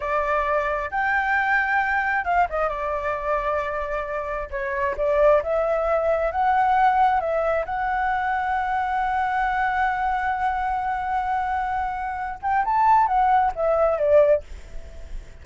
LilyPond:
\new Staff \with { instrumentName = "flute" } { \time 4/4 \tempo 4 = 133 d''2 g''2~ | g''4 f''8 dis''8 d''2~ | d''2 cis''4 d''4 | e''2 fis''2 |
e''4 fis''2.~ | fis''1~ | fis''2.~ fis''8 g''8 | a''4 fis''4 e''4 d''4 | }